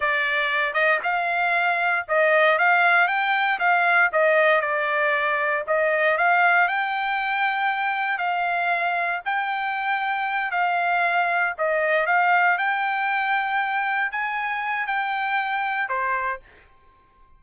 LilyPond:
\new Staff \with { instrumentName = "trumpet" } { \time 4/4 \tempo 4 = 117 d''4. dis''8 f''2 | dis''4 f''4 g''4 f''4 | dis''4 d''2 dis''4 | f''4 g''2. |
f''2 g''2~ | g''8 f''2 dis''4 f''8~ | f''8 g''2. gis''8~ | gis''4 g''2 c''4 | }